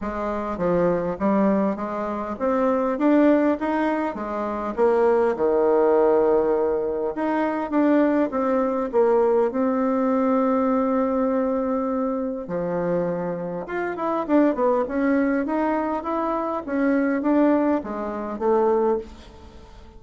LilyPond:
\new Staff \with { instrumentName = "bassoon" } { \time 4/4 \tempo 4 = 101 gis4 f4 g4 gis4 | c'4 d'4 dis'4 gis4 | ais4 dis2. | dis'4 d'4 c'4 ais4 |
c'1~ | c'4 f2 f'8 e'8 | d'8 b8 cis'4 dis'4 e'4 | cis'4 d'4 gis4 a4 | }